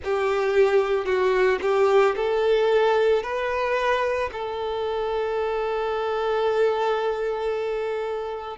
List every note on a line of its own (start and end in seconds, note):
0.04 1.05 G4
1.05 1.58 F#4
1.61 2.15 G4
2.16 3.22 A4
3.22 4.30 B4
4.32 8.57 A4